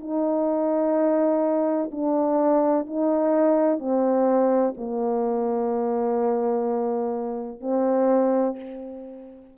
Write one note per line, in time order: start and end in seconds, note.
0.00 1.90 D#4
1.91 2.86 D4
2.86 3.79 D#4
3.79 4.74 C4
4.77 7.61 A#3
7.61 8.56 C4